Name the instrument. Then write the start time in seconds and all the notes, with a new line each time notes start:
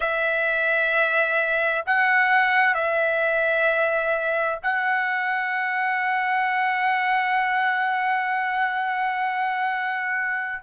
trumpet
0.00 E5
1.86 F#5
2.74 E5
4.62 F#5